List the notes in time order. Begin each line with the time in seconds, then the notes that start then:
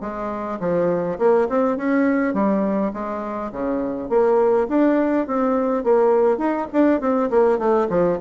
0.00 G#3
0.60 F3
1.18 A#3
1.49 C4
1.77 C#4
2.33 G3
2.93 G#3
3.52 C#3
4.09 A#3
4.68 D4
5.27 C4
5.83 A#3
6.38 D#4
6.72 D4
7.00 C4
7.30 A#3
7.58 A3
7.89 F3